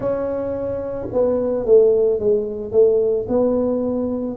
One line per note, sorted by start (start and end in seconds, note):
0.00 1.07 C#4
1.12 1.65 B3
1.65 2.19 A3
2.19 2.72 G#3
2.72 3.26 A3
3.28 4.36 B3